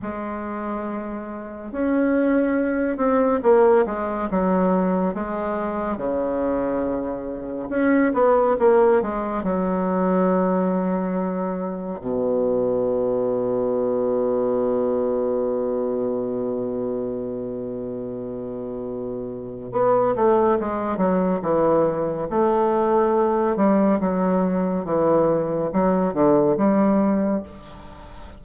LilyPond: \new Staff \with { instrumentName = "bassoon" } { \time 4/4 \tempo 4 = 70 gis2 cis'4. c'8 | ais8 gis8 fis4 gis4 cis4~ | cis4 cis'8 b8 ais8 gis8 fis4~ | fis2 b,2~ |
b,1~ | b,2. b8 a8 | gis8 fis8 e4 a4. g8 | fis4 e4 fis8 d8 g4 | }